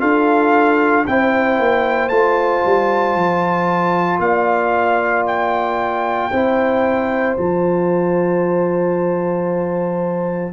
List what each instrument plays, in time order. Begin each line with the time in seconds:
0.00 tuba D4, trombone F4, horn A4, trumpet F5
1.07 tuba C4, trombone E4, horn C5, trumpet G5
1.59 tuba A#3
2.09 tuba A3, trombone F4, trumpet A5
2.65 tuba G3
3.15 tuba F3
4.20 tuba A#3, horn D5, trumpet F5
5.27 trumpet G5
6.32 tuba C4, trombone E4, horn C5
7.37 tuba F3, trombone F4, trumpet A5